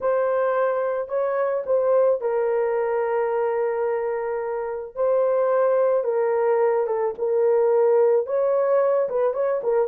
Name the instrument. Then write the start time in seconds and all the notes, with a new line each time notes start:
horn
0.00 C5
1.08 C#5
1.66 C5
2.20 A#4
4.95 C5
6.04 A#4
6.87 A4
7.18 A#4
8.26 C#5
9.09 B4
9.33 C#5
9.63 A#4